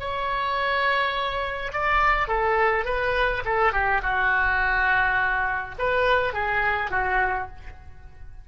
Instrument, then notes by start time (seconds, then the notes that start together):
oboe
0.00 C#5
1.73 D5
2.28 A4
2.86 B4
3.46 A4
3.73 G4
4.03 F#4
5.79 B4
6.34 G#4
6.91 F#4